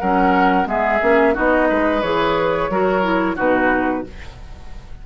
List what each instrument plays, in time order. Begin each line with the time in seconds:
0.00 bassoon F#3, clarinet C#4, oboe A#4, flute F#5
0.65 bassoon G#3, clarinet B3, oboe G#4, flute E5
1.02 bassoon A#3, clarinet C#4
1.35 bassoon B3, clarinet D#4, oboe F#4, flute D#5
1.70 bassoon G#3, oboe B4
2.02 bassoon E3, clarinet G#4, flute C#5
2.70 bassoon F#3, clarinet F#4, oboe A#4
3.03 clarinet E4
3.36 bassoon B2, clarinet D#4, oboe F#4, flute B4